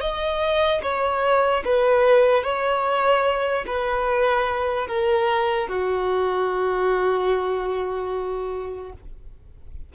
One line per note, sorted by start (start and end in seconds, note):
0.00 0.81 D#5
0.82 1.63 C#5
1.64 2.43 B4
2.43 3.65 C#5
3.66 4.87 B4
4.87 5.68 A#4
5.68 8.92 F#4